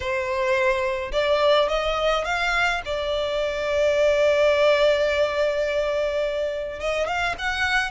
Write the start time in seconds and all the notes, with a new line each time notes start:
0.00 C5
1.12 D5
1.69 D#5
2.25 F5
2.85 D5
6.79 D#5
7.07 F5
7.38 F#5